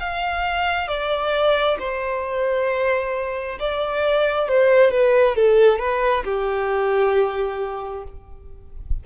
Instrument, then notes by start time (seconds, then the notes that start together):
violin
0.00 F5
0.88 D5
1.80 C5
3.60 D5
4.49 C5
4.92 B4
5.36 A4
5.79 B4
6.24 G4